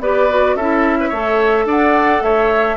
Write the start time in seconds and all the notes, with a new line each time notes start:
0.00 B3 G4 B4 D5
0.30 F#4
0.55 C#4 E4 A4 E5
1.00 B4
1.09 A3 A4 C#5
1.65 D4 D5 F#5
2.21 A3 C#5 E5